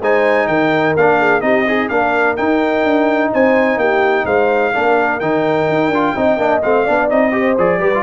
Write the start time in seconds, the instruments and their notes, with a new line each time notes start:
0.00 tuba G#3, trombone D#4, horn C5, trumpet G#5
0.47 tuba D#3, horn A#4, trumpet G5
0.96 tuba A#3, trombone D4, trumpet F5
1.19 horn G#4
1.41 tuba C4, trombone D#4, horn G4, trumpet D#5
1.66 horn D#4, trombone G#4
1.88 tuba A#3, trombone D4, horn A#4, trumpet F5
2.36 trombone D#4, tuba D#4, trumpet G5
2.84 tuba D4
3.32 tuba C4, horn C5, trumpet G#5
3.77 tuba A#3, horn G4, trumpet G5
4.25 tuba G#3, horn C5, trumpet F5
4.73 tuba A#3, trombone D4, horn A#4
5.19 tuba D#3, trombone D#4, trumpet G5
5.68 tuba D#4
5.89 tuba D4, trombone F4
6.16 tuba C4, trombone D#4, horn D#5
6.37 tuba A#3, trombone D4
6.62 tuba A3, trombone C4, trumpet F5
6.84 tuba B3, trombone D4, horn D5
7.09 tuba C4, trombone D#4, trumpet D#5
7.32 trombone G4, horn C5
7.58 tuba F3, trombone G#4, trumpet D5
7.78 tuba G3, trombone G4, horn B4
7.94 trombone F4